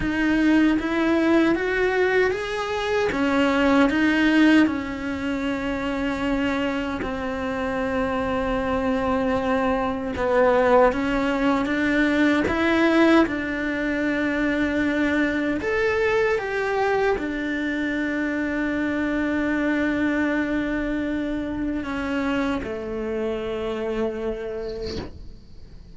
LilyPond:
\new Staff \with { instrumentName = "cello" } { \time 4/4 \tempo 4 = 77 dis'4 e'4 fis'4 gis'4 | cis'4 dis'4 cis'2~ | cis'4 c'2.~ | c'4 b4 cis'4 d'4 |
e'4 d'2. | a'4 g'4 d'2~ | d'1 | cis'4 a2. | }